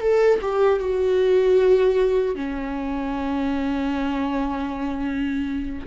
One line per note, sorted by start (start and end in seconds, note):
0.00 0.39 A4
0.41 0.79 G4
0.79 2.35 F#4
2.35 5.86 C#4